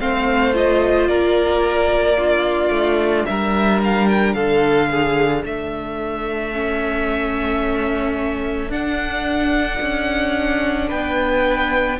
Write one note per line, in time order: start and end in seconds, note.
0.00 1.09 A3
0.00 0.55 C4
0.00 1.10 C5
0.00 0.55 F5
0.55 2.17 F4
0.55 1.08 D#5
1.08 2.70 A#3
1.08 2.18 A#4
1.08 3.26 D5
2.17 6.53 D4
2.17 3.27 F4
2.70 3.25 A3
3.26 4.35 G3
3.26 4.36 A#4
3.26 3.80 E5
3.84 4.09 F5
4.09 4.34 G5
4.34 5.45 D3
4.34 4.90 A4
4.34 5.43 F5
4.91 5.44 G#4
5.44 8.70 A3
5.44 10.89 A4
5.44 8.72 E5
6.53 8.71 C#4
8.70 9.79 D4
8.70 11.99 D4
8.70 10.90 F#5
9.82 10.91 C#4
10.89 12.00 B3
10.89 11.98 B4
10.89 12.00 G5